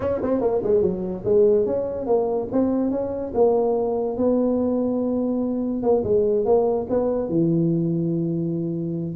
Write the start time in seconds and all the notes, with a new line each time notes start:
0.00 C#4
0.22 C4
0.40 A#3
0.63 G#3
0.81 F#3
1.24 G#3
1.66 C#4
2.06 A#3
2.52 C4
2.91 C#4
3.34 A#3
4.17 B3
5.83 A#3
6.04 G#3
6.45 A#3
6.89 B3
7.28 E3